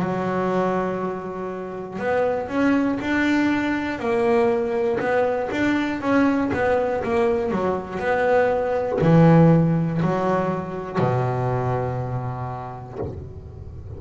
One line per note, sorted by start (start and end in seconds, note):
0.00 1.99 F#3
1.99 2.49 B3
2.49 2.99 C#4
3.01 4.00 D4
4.00 5.00 A#3
5.00 5.50 B3
5.51 6.00 D4
6.00 6.50 C#4
6.53 7.03 B3
7.04 7.51 A#3
7.51 8.00 F#3
8.00 9.00 B3
9.01 10.01 E3
10.02 10.99 F#3
10.99 12.99 B2